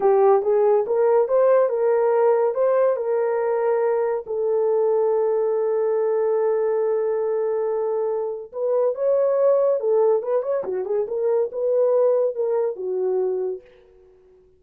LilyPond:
\new Staff \with { instrumentName = "horn" } { \time 4/4 \tempo 4 = 141 g'4 gis'4 ais'4 c''4 | ais'2 c''4 ais'4~ | ais'2 a'2~ | a'1~ |
a'1 | b'4 cis''2 a'4 | b'8 cis''8 fis'8 gis'8 ais'4 b'4~ | b'4 ais'4 fis'2 | }